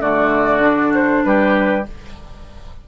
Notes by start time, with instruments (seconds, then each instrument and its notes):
0.00 bassoon D3, clarinet A3, oboe F#4, flute D5
0.60 clarinet D4
0.94 flute C5
1.24 bassoon G3, oboe G4, flute B4